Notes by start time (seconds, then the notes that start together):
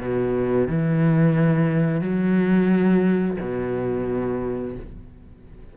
0.00 B2
0.68 E3
2.01 F#3
3.41 B2